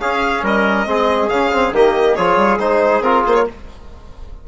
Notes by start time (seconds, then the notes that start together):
0.00 C#4 G#4 F5
0.43 G3 A#4 D#5
0.86 G#3 C4 G#4
1.29 C#3 C#4 F5
1.52 C4
1.72 D#3 A#3 G4 D#5
2.15 F3 F4 G#4 C#5
2.36 G3
2.59 G#3 D#4 C5
3.01 C4 F4 A#4
3.26 A#3 C5
3.35 C#5